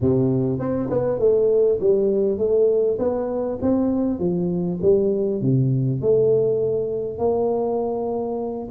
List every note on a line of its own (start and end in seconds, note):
0.00 0.59 C3
0.59 0.89 C4
0.90 1.19 B3
1.19 1.79 A3
1.80 2.38 G3
2.38 2.98 A3
2.98 3.58 B3
3.61 4.19 C4
4.19 4.79 F3
4.82 5.41 G3
5.41 6.01 C3
6.01 7.18 A3
7.18 8.68 A#3